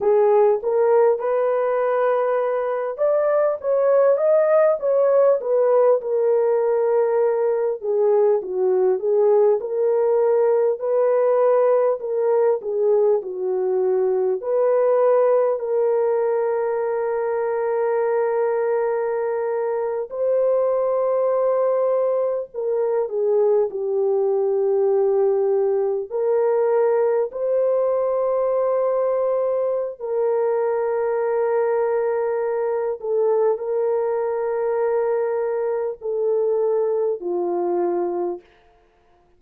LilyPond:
\new Staff \with { instrumentName = "horn" } { \time 4/4 \tempo 4 = 50 gis'8 ais'8 b'4. d''8 cis''8 dis''8 | cis''8 b'8 ais'4. gis'8 fis'8 gis'8 | ais'4 b'4 ais'8 gis'8 fis'4 | b'4 ais'2.~ |
ais'8. c''2 ais'8 gis'8 g'16~ | g'4.~ g'16 ais'4 c''4~ c''16~ | c''4 ais'2~ ais'8 a'8 | ais'2 a'4 f'4 | }